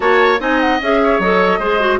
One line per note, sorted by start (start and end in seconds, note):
0.00 0.39 A#3
0.00 0.38 F#4
0.00 0.40 C#5
0.00 0.40 A5
0.39 0.79 C4
0.39 0.79 D#4
0.39 1.00 D#5
0.39 0.60 G#5
0.60 0.80 F#5
0.80 1.19 C#4
0.80 1.22 G#4
0.80 1.20 E5
1.03 1.59 C#5
1.19 1.59 F#3
1.19 1.61 A4
1.19 2.00 D#5
1.59 1.99 G#3
1.59 1.80 G#4
1.59 1.99 C5
1.80 2.00 F#4